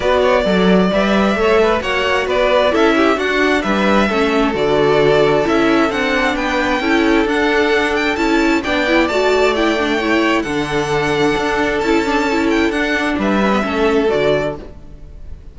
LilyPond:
<<
  \new Staff \with { instrumentName = "violin" } { \time 4/4 \tempo 4 = 132 d''2 e''2 | fis''4 d''4 e''4 fis''4 | e''2 d''2 | e''4 fis''4 g''2 |
fis''4. g''8 a''4 g''4 | a''4 g''2 fis''4~ | fis''2 a''4. g''8 | fis''4 e''2 d''4 | }
  \new Staff \with { instrumentName = "violin" } { \time 4/4 b'8 cis''8 d''2 cis''8 b'8 | cis''4 b'4 a'8 g'8 fis'4 | b'4 a'2.~ | a'2 b'4 a'4~ |
a'2. d''4~ | d''2 cis''4 a'4~ | a'1~ | a'4 b'4 a'2 | }
  \new Staff \with { instrumentName = "viola" } { \time 4/4 fis'4 a'4 b'4 a'4 | fis'2 e'4 d'4~ | d'4 cis'4 fis'2 | e'4 d'2 e'4 |
d'2 e'4 d'8 e'8 | fis'4 e'8 d'8 e'4 d'4~ | d'2 e'8 d'8 e'4 | d'4. cis'16 b16 cis'4 fis'4 | }
  \new Staff \with { instrumentName = "cello" } { \time 4/4 b4 fis4 g4 a4 | ais4 b4 cis'4 d'4 | g4 a4 d2 | cis'4 c'4 b4 cis'4 |
d'2 cis'4 b4 | a2. d4~ | d4 d'4 cis'2 | d'4 g4 a4 d4 | }
>>